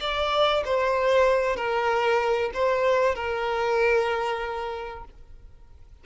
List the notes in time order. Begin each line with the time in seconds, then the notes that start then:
0.00 D5
0.65 C5
1.56 A#4
2.53 C5
3.15 A#4